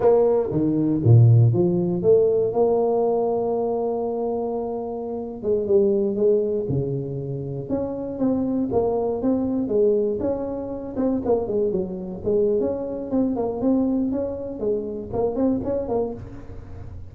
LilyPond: \new Staff \with { instrumentName = "tuba" } { \time 4/4 \tempo 4 = 119 ais4 dis4 ais,4 f4 | a4 ais2.~ | ais2~ ais8. gis8 g8.~ | g16 gis4 cis2 cis'8.~ |
cis'16 c'4 ais4 c'4 gis8.~ | gis16 cis'4. c'8 ais8 gis8 fis8.~ | fis16 gis8. cis'4 c'8 ais8 c'4 | cis'4 gis4 ais8 c'8 cis'8 ais8 | }